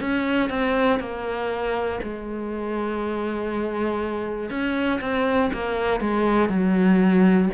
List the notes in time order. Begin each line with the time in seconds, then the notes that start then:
0.00 C#4
0.50 C4
0.99 A#3
2.02 G#3
4.50 C#4
5.00 C4
5.53 A#3
6.00 G#3
6.49 F#3